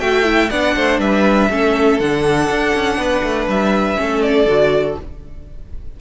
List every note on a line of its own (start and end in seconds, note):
0.00 0.50 A3
0.00 0.24 F#4
0.00 0.50 E5
0.00 0.50 G5
0.24 0.49 E4
0.50 0.76 B3
0.50 1.51 D4
0.50 0.75 D5
0.50 0.99 F#5
0.76 0.99 A3
0.76 1.00 C5
0.99 1.49 G3
0.99 1.50 B4
0.99 2.00 E5
1.50 2.00 A3
1.50 2.01 C#4
1.50 2.99 A4
2.00 2.49 D3
2.00 3.96 D4
2.00 3.48 F#5
2.50 2.74 D4
2.76 2.98 C#4
2.98 3.22 B3
2.98 4.00 B4
3.23 3.48 A3
3.48 3.98 G3
3.48 4.22 E5
3.96 4.46 A3
3.96 4.46 C#4
3.96 5.00 A4
4.22 4.97 D5
4.46 4.96 D3
4.46 4.98 F#4